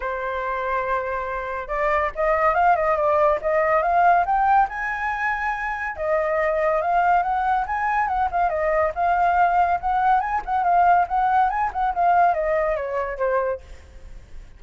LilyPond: \new Staff \with { instrumentName = "flute" } { \time 4/4 \tempo 4 = 141 c''1 | d''4 dis''4 f''8 dis''8 d''4 | dis''4 f''4 g''4 gis''4~ | gis''2 dis''2 |
f''4 fis''4 gis''4 fis''8 f''8 | dis''4 f''2 fis''4 | gis''8 fis''8 f''4 fis''4 gis''8 fis''8 | f''4 dis''4 cis''4 c''4 | }